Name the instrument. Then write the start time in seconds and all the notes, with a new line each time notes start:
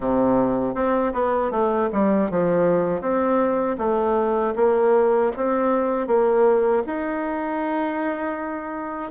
bassoon
0.00 C3
0.74 C4
1.13 B3
1.51 A3
1.92 G3
2.30 F3
3.01 C4
3.78 A3
4.55 A#3
5.36 C4
6.07 A#3
6.86 D#4